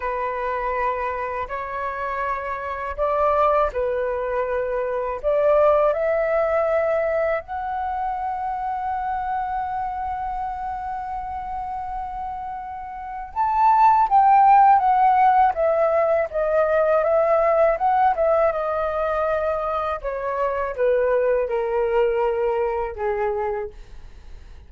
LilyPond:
\new Staff \with { instrumentName = "flute" } { \time 4/4 \tempo 4 = 81 b'2 cis''2 | d''4 b'2 d''4 | e''2 fis''2~ | fis''1~ |
fis''2 a''4 g''4 | fis''4 e''4 dis''4 e''4 | fis''8 e''8 dis''2 cis''4 | b'4 ais'2 gis'4 | }